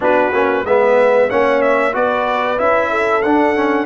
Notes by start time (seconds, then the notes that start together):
0.00 B3 D4 F#4 B4
0.32 A#3 C#4
0.64 G#3 B3 B4 E5
1.28 A#3 C#4 C#5 F#5
1.61 E5
1.92 B3 F#4 B4 D5
2.57 C#4 E4 E5
2.90 A4
3.22 D4 F#5
3.55 C#4